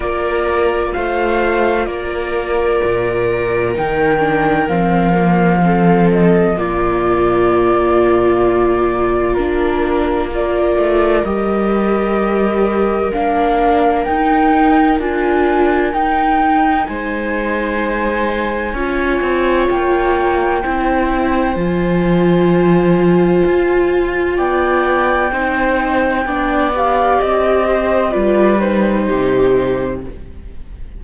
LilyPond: <<
  \new Staff \with { instrumentName = "flute" } { \time 4/4 \tempo 4 = 64 d''4 f''4 d''2 | g''4 f''4. dis''8 d''4~ | d''2 ais'4 d''4 | dis''2 f''4 g''4 |
gis''4 g''4 gis''2~ | gis''4 g''2 gis''4~ | gis''2 g''2~ | g''8 f''8 dis''4 d''8 c''4. | }
  \new Staff \with { instrumentName = "viola" } { \time 4/4 ais'4 c''4 ais'2~ | ais'2 a'4 f'4~ | f'2. ais'4~ | ais'1~ |
ais'2 c''2 | cis''2 c''2~ | c''2 d''4 c''4 | d''4. c''8 b'4 g'4 | }
  \new Staff \with { instrumentName = "viola" } { \time 4/4 f'1 | dis'8 d'8 c'8 ais8 c'4 ais4~ | ais2 d'4 f'4 | g'2 d'4 dis'4 |
f'4 dis'2. | f'2 e'4 f'4~ | f'2. dis'4 | d'8 g'4. f'8 dis'4. | }
  \new Staff \with { instrumentName = "cello" } { \time 4/4 ais4 a4 ais4 ais,4 | dis4 f2 ais,4~ | ais,2 ais4. a8 | g2 ais4 dis'4 |
d'4 dis'4 gis2 | cis'8 c'8 ais4 c'4 f4~ | f4 f'4 b4 c'4 | b4 c'4 g4 c4 | }
>>